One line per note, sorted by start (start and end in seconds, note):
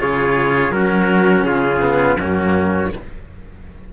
0.00 0.70 C#3
0.00 0.73 F4
0.00 0.76 G#4
0.00 0.72 C#5
0.70 1.43 F#3
0.70 1.81 C#4
0.70 1.47 F#4
0.70 1.45 A#4
1.43 2.16 C#3
1.43 2.21 F4
1.43 2.19 G#4
1.81 2.18 B3
2.18 2.91 F#2
2.18 2.93 A#3
2.18 2.94 C#4
2.18 2.93 F#4